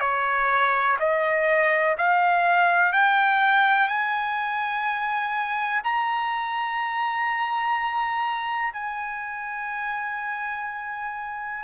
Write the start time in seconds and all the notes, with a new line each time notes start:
0.00 C#5
0.99 D#5
1.98 F5
2.93 G5
3.88 G#5
5.84 A#5
8.73 G#5